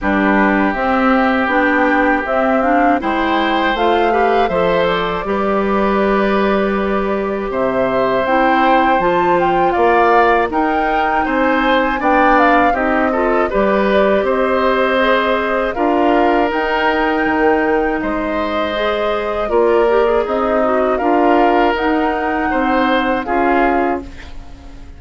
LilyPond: <<
  \new Staff \with { instrumentName = "flute" } { \time 4/4 \tempo 4 = 80 b'4 e''4 g''4 e''8 f''8 | g''4 f''4 e''8 d''4.~ | d''2 e''4 g''4 | a''8 g''8 f''4 g''4 gis''4 |
g''8 f''8 dis''4 d''4 dis''4~ | dis''4 f''4 g''2 | dis''2 d''4 dis''4 | f''4 fis''2 f''4 | }
  \new Staff \with { instrumentName = "oboe" } { \time 4/4 g'1 | c''4. b'8 c''4 b'4~ | b'2 c''2~ | c''4 d''4 ais'4 c''4 |
d''4 g'8 a'8 b'4 c''4~ | c''4 ais'2. | c''2 ais'4 dis'4 | ais'2 c''4 gis'4 | }
  \new Staff \with { instrumentName = "clarinet" } { \time 4/4 d'4 c'4 d'4 c'8 d'8 | e'4 f'8 g'8 a'4 g'4~ | g'2. e'4 | f'2 dis'2 |
d'4 dis'8 f'8 g'2 | gis'4 f'4 dis'2~ | dis'4 gis'4 f'8 g'16 gis'8. fis'8 | f'4 dis'2 f'4 | }
  \new Staff \with { instrumentName = "bassoon" } { \time 4/4 g4 c'4 b4 c'4 | gis4 a4 f4 g4~ | g2 c4 c'4 | f4 ais4 dis'4 c'4 |
b4 c'4 g4 c'4~ | c'4 d'4 dis'4 dis4 | gis2 ais4 c'4 | d'4 dis'4 c'4 cis'4 | }
>>